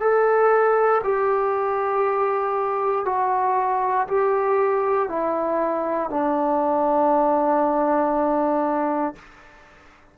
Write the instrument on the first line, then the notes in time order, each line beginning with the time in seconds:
trombone
0.00 A4
1.04 G4
3.06 F#4
4.08 G4
5.09 E4
6.10 D4